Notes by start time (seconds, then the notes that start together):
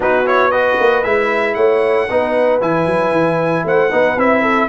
0.00 B3 D#4 F#4 B4
0.26 E4 C#5
0.50 F#4 B4 D#5
0.79 A#3
1.03 G#3 E4 E5
1.54 A3 C#5 F#5
2.10 B3 D#4 B4
2.60 E3 E4 G#5
2.86 F#3
3.11 E3
3.65 A3 C5 F#5
3.91 B3 D#4 B4
4.16 C4 E4 E5
4.41 A4